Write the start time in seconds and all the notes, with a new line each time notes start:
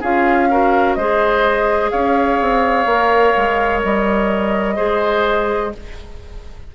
0.00 C#4 F4 G#4 F5
0.50 F#4 A#4
0.94 G#3 G#4 C5 D#5
1.90 C#4 C#5 F5
2.40 C4
2.85 A#3 A#4
3.36 G#3
3.83 G3 D#5
4.76 G#3 G#4 C5